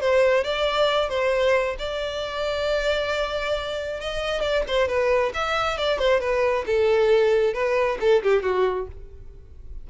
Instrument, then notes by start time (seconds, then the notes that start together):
violin
0.00 C5
0.44 D5
1.09 C5
1.78 D5
4.00 D#5
4.41 D5
4.67 C5
4.87 B4
5.34 E5
5.77 D5
5.98 C5
6.20 B4
6.66 A4
7.53 B4
8.00 A4
8.22 G4
8.43 F#4